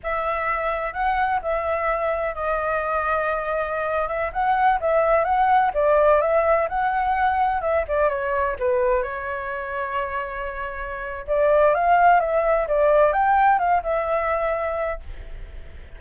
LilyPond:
\new Staff \with { instrumentName = "flute" } { \time 4/4 \tempo 4 = 128 e''2 fis''4 e''4~ | e''4 dis''2.~ | dis''8. e''8 fis''4 e''4 fis''8.~ | fis''16 d''4 e''4 fis''4.~ fis''16~ |
fis''16 e''8 d''8 cis''4 b'4 cis''8.~ | cis''1 | d''4 f''4 e''4 d''4 | g''4 f''8 e''2~ e''8 | }